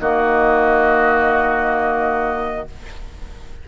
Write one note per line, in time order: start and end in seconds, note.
0.00 2.67 D#3
0.00 2.67 A#3
0.00 2.68 F#4
0.00 2.68 D#5